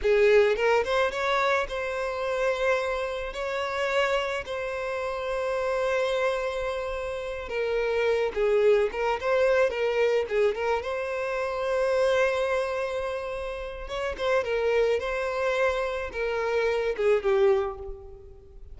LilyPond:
\new Staff \with { instrumentName = "violin" } { \time 4/4 \tempo 4 = 108 gis'4 ais'8 c''8 cis''4 c''4~ | c''2 cis''2 | c''1~ | c''4. ais'4. gis'4 |
ais'8 c''4 ais'4 gis'8 ais'8 c''8~ | c''1~ | c''4 cis''8 c''8 ais'4 c''4~ | c''4 ais'4. gis'8 g'4 | }